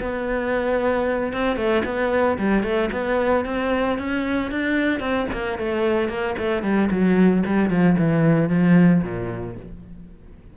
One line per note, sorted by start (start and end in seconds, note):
0.00 1.33 B3
1.33 1.56 C4
1.56 1.83 A3
1.85 2.38 B3
2.38 2.63 G3
2.63 2.90 A3
2.92 3.45 B3
3.45 3.98 C4
3.98 4.51 C#4
4.51 5.00 D4
5.00 5.27 C4
5.32 5.58 A#3
5.58 6.09 A3
6.09 6.35 A#3
6.38 6.63 A3
6.63 6.89 G3
6.91 7.44 F#3
7.46 7.70 G3
7.70 7.96 F3
7.98 8.49 E3
8.49 9.02 F3
9.03 9.56 A#2